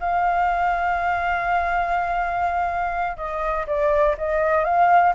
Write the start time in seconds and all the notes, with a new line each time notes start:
0.00 F5
3.17 D#5
3.67 D5
4.18 D#5
4.65 F5